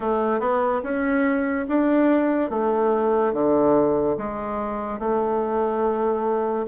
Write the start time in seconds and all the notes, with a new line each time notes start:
0.00 A3
0.39 B3
0.83 C#4
1.68 D4
2.50 A3
3.33 D3
4.17 G#3
4.99 A3